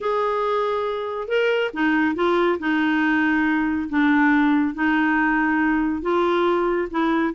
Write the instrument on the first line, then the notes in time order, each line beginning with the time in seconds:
clarinet
0.00 G#4
1.27 A#4
1.73 D#4
2.15 F4
2.59 D#4
3.89 D4
4.74 D#4
6.02 F4
6.91 E4